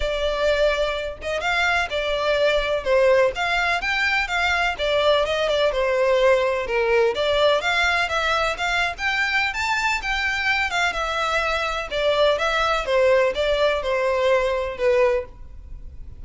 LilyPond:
\new Staff \with { instrumentName = "violin" } { \time 4/4 \tempo 4 = 126 d''2~ d''8 dis''8 f''4 | d''2 c''4 f''4 | g''4 f''4 d''4 dis''8 d''8 | c''2 ais'4 d''4 |
f''4 e''4 f''8. g''4~ g''16 | a''4 g''4. f''8 e''4~ | e''4 d''4 e''4 c''4 | d''4 c''2 b'4 | }